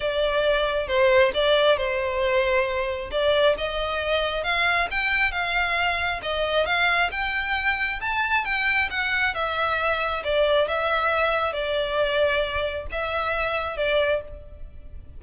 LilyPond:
\new Staff \with { instrumentName = "violin" } { \time 4/4 \tempo 4 = 135 d''2 c''4 d''4 | c''2. d''4 | dis''2 f''4 g''4 | f''2 dis''4 f''4 |
g''2 a''4 g''4 | fis''4 e''2 d''4 | e''2 d''2~ | d''4 e''2 d''4 | }